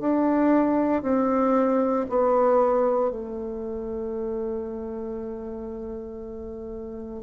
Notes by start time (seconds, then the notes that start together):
0.00 D4
1.03 C4
2.09 B3
3.10 A3